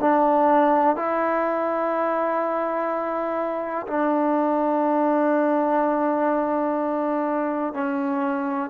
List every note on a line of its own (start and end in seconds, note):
0.00 0.96 D4
0.96 3.86 E4
3.87 7.73 D4
7.73 8.70 C#4